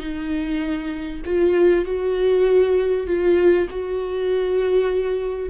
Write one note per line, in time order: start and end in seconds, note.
0.00 1.22 D#4
1.26 1.86 F4
1.86 3.07 F#4
3.07 3.68 F4
3.70 5.50 F#4